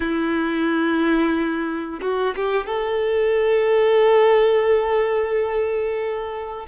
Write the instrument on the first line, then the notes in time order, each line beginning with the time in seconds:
violin
0.00 E4
2.01 F#4
2.36 G4
2.66 A4